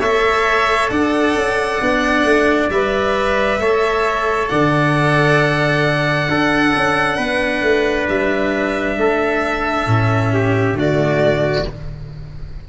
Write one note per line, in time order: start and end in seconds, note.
0.00 0.90 A3
0.00 1.82 A4
0.00 0.90 C#5
0.00 0.90 E5
0.90 1.35 D4
0.90 3.60 D5
0.90 2.69 F#5
1.35 1.80 C#4
1.81 2.24 B3
1.81 2.71 D4
2.24 2.69 A3
2.70 3.59 G3
2.70 3.60 B4
2.70 4.48 E5
3.59 4.49 A3
3.59 6.29 A4
3.59 4.51 C#5
4.48 6.28 D3
4.48 6.30 D5
4.48 8.07 F#5
6.28 6.73 D4
6.28 9.87 D4
6.28 7.17 A4
6.76 7.18 C#4
7.17 7.62 B3
7.17 8.96 B4
7.62 8.07 A3
8.09 8.98 G3
8.09 10.77 E5
8.98 9.86 A3
8.98 10.33 A4
9.86 10.73 A2
9.86 10.75 C#4
10.33 10.77 G4
10.73 11.63 D3
10.73 11.64 A3
10.73 11.67 F#4
10.73 11.69 D5